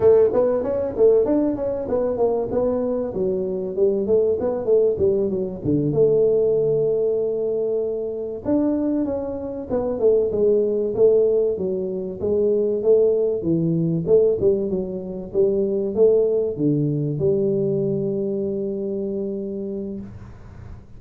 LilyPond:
\new Staff \with { instrumentName = "tuba" } { \time 4/4 \tempo 4 = 96 a8 b8 cis'8 a8 d'8 cis'8 b8 ais8 | b4 fis4 g8 a8 b8 a8 | g8 fis8 d8 a2~ a8~ | a4. d'4 cis'4 b8 |
a8 gis4 a4 fis4 gis8~ | gis8 a4 e4 a8 g8 fis8~ | fis8 g4 a4 d4 g8~ | g1 | }